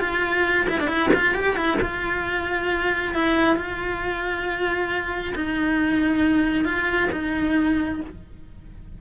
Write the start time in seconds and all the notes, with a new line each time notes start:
0.00 F4
0.69 E4
0.80 D4
0.87 E4
1.14 F4
1.34 G4
1.56 E4
1.81 F4
3.14 E4
3.56 F4
5.35 D#4
6.65 F4
7.12 D#4